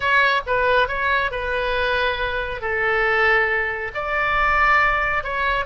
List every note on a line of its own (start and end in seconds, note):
0.00 0.41 C#5
0.46 0.88 B4
0.88 1.31 C#5
1.31 2.61 B4
2.61 3.91 A4
3.94 5.23 D5
5.23 5.65 C#5